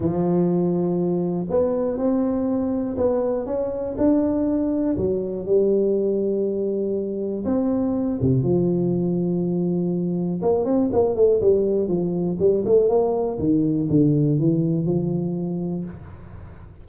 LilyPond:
\new Staff \with { instrumentName = "tuba" } { \time 4/4 \tempo 4 = 121 f2. b4 | c'2 b4 cis'4 | d'2 fis4 g4~ | g2. c'4~ |
c'8 c8 f2.~ | f4 ais8 c'8 ais8 a8 g4 | f4 g8 a8 ais4 dis4 | d4 e4 f2 | }